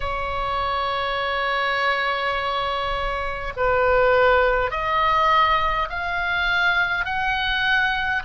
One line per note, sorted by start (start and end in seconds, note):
0.00 3.53 C#5
3.56 4.71 B4
4.71 5.88 D#5
5.89 7.05 F5
7.05 8.22 F#5